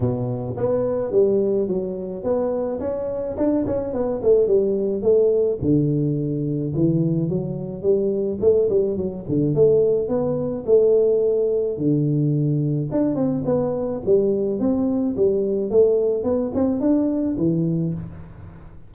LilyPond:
\new Staff \with { instrumentName = "tuba" } { \time 4/4 \tempo 4 = 107 b,4 b4 g4 fis4 | b4 cis'4 d'8 cis'8 b8 a8 | g4 a4 d2 | e4 fis4 g4 a8 g8 |
fis8 d8 a4 b4 a4~ | a4 d2 d'8 c'8 | b4 g4 c'4 g4 | a4 b8 c'8 d'4 e4 | }